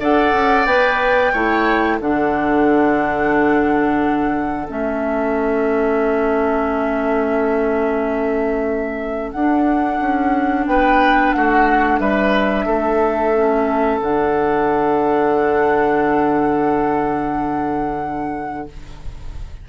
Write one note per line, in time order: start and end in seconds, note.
0.00 0.33 D4
0.00 0.67 A4
0.00 1.32 D5
0.00 0.66 F#5
0.33 0.66 C#4
0.66 1.32 B3
0.66 1.33 B4
0.66 1.99 G5
1.32 2.00 A3
1.32 2.00 E4
1.32 1.97 C#5
1.97 4.67 D3
1.97 4.67 D4
1.97 10.64 A4
1.97 4.68 F#5
4.68 9.34 A3
4.68 9.35 C#4
4.68 9.31 E5
9.31 10.00 D4
9.31 13.34 D4
9.31 10.65 F#5
10.00 10.66 C#4
10.66 11.33 B3
10.66 11.36 B4
10.66 11.32 G5
11.32 11.99 A3
11.32 12.00 F#4
11.32 11.99 F#5
11.99 12.66 G3
11.99 12.66 B4
11.99 13.99 E5
12.66 14.00 A3
12.66 18.66 A4
13.34 14.01 C#4
14.01 18.67 D3
14.01 18.68 D4
14.01 18.69 F#5